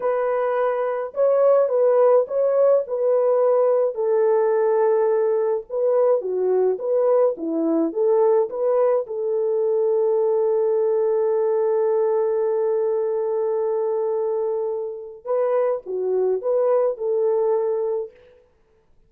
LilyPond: \new Staff \with { instrumentName = "horn" } { \time 4/4 \tempo 4 = 106 b'2 cis''4 b'4 | cis''4 b'2 a'4~ | a'2 b'4 fis'4 | b'4 e'4 a'4 b'4 |
a'1~ | a'1~ | a'2. b'4 | fis'4 b'4 a'2 | }